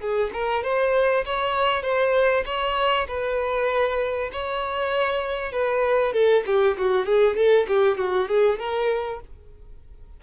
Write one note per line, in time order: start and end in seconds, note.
0.00 0.31 G#4
0.33 0.63 A#4
0.63 1.24 C5
1.25 1.83 C#5
1.83 2.44 C5
2.45 3.07 C#5
3.08 4.30 B4
4.32 5.52 C#5
5.52 6.13 B4
6.13 6.43 A4
6.46 6.77 G4
6.77 7.05 F#4
7.05 7.36 G#4
7.36 7.66 A4
7.68 7.97 G4
7.97 8.28 F#4
8.28 8.59 G#4
8.59 9.20 A#4